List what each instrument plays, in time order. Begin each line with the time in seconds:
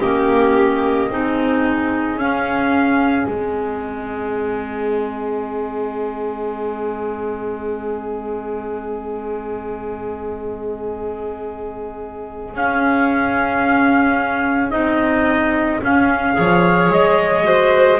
0.00 double bass A#3, clarinet C#4, violin G4, trumpet D#5
1.10 double bass C4, clarinet D#4, violin G#4
2.16 double bass C#4, clarinet C#4, trumpet F5
3.26 double bass G#3, clarinet C4, trumpet D#5
12.54 double bass C#4, clarinet C#4, trumpet F5
14.70 double bass C4, clarinet D#4, trumpet D#5
15.82 clarinet C#4, double bass C#4, trumpet F5
16.33 double bass F3, clarinet G#4, violin C#5
16.90 double bass G#3, trumpet D#5
17.43 clarinet F#4, violin C5